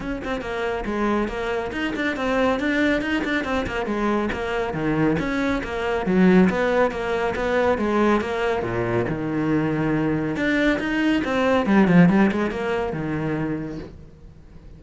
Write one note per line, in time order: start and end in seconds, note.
0.00 0.22 C#4
0.24 0.41 C4
0.41 0.84 A#3
0.85 1.28 G#3
1.28 1.71 A#3
1.72 1.93 D#4
1.95 2.16 D4
2.16 2.59 C4
2.59 3.01 D4
3.01 3.23 D#4
3.24 3.44 D4
3.44 3.66 C4
3.67 3.86 A#3
3.86 4.29 G#3
4.32 4.73 A#3
4.73 5.16 D#3
5.19 5.62 C#4
5.63 6.05 A#3
6.05 6.49 F#3
6.49 6.91 B3
6.91 7.34 A#3
7.35 7.78 B3
7.78 8.21 G#3
8.21 8.62 A#3
8.62 9.05 A#2
9.08 10.35 D#3
10.35 10.79 D4
10.79 11.22 D#4
11.24 11.65 C4
11.65 11.87 G3
11.87 12.09 F3
12.09 12.30 G3
12.31 12.51 G#3
12.51 12.92 A#3
12.92 13.79 D#3